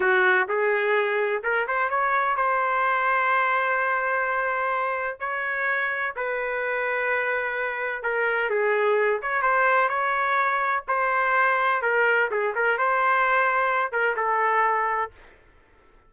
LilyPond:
\new Staff \with { instrumentName = "trumpet" } { \time 4/4 \tempo 4 = 127 fis'4 gis'2 ais'8 c''8 | cis''4 c''2.~ | c''2. cis''4~ | cis''4 b'2.~ |
b'4 ais'4 gis'4. cis''8 | c''4 cis''2 c''4~ | c''4 ais'4 gis'8 ais'8 c''4~ | c''4. ais'8 a'2 | }